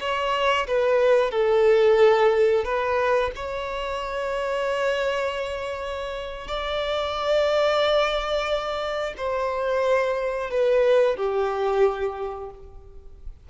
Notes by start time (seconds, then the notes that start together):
0.00 C#5
0.67 B4
1.31 A4
2.65 B4
3.35 C#5
6.48 D5
9.17 C5
10.51 B4
11.16 G4